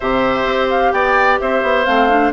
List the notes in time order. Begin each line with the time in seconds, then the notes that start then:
0.00 C3 G4 C5 E5
0.45 C4
0.69 F5
0.92 B3 D5 G5
1.40 C4 C5 E5
1.62 B3
1.85 A3 C4 F5
2.09 D4